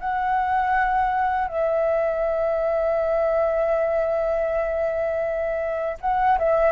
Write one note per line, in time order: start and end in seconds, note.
0.00 1.48 F#5
1.48 5.98 E5
6.00 6.38 F#5
6.39 6.72 E5